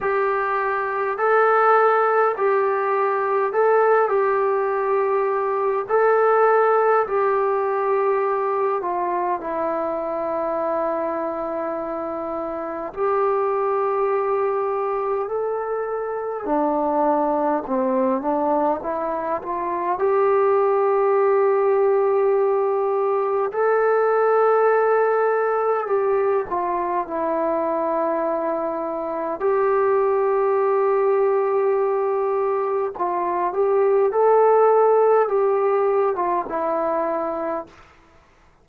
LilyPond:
\new Staff \with { instrumentName = "trombone" } { \time 4/4 \tempo 4 = 51 g'4 a'4 g'4 a'8 g'8~ | g'4 a'4 g'4. f'8 | e'2. g'4~ | g'4 a'4 d'4 c'8 d'8 |
e'8 f'8 g'2. | a'2 g'8 f'8 e'4~ | e'4 g'2. | f'8 g'8 a'4 g'8. f'16 e'4 | }